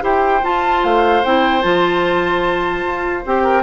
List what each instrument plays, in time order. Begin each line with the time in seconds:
0.00 bassoon E4, clarinet G4, oboe C5, flute G5
0.43 clarinet F4, bassoon F4, flute A5
0.83 bassoon A3, flute F5
1.24 bassoon C4, clarinet E4, flute G5
1.61 bassoon F3, clarinet F4, flute A5
2.84 bassoon F4
3.25 bassoon C4, clarinet G4, flute G5
3.43 oboe A#4